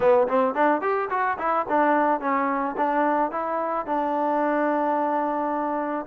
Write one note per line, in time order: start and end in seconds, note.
0.00 0.27 B3
0.28 0.54 C4
0.54 0.81 D4
0.81 1.09 G4
1.10 1.37 F#4
1.38 1.65 E4
1.69 2.20 D4
2.20 2.75 C#4
2.77 3.31 D4
3.31 3.85 E4
3.85 6.06 D4